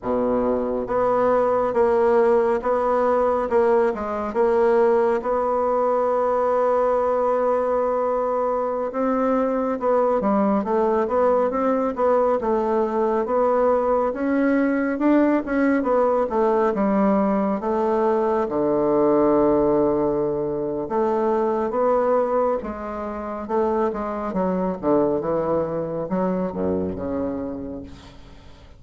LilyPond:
\new Staff \with { instrumentName = "bassoon" } { \time 4/4 \tempo 4 = 69 b,4 b4 ais4 b4 | ais8 gis8 ais4 b2~ | b2~ b16 c'4 b8 g16~ | g16 a8 b8 c'8 b8 a4 b8.~ |
b16 cis'4 d'8 cis'8 b8 a8 g8.~ | g16 a4 d2~ d8. | a4 b4 gis4 a8 gis8 | fis8 d8 e4 fis8 fis,8 cis4 | }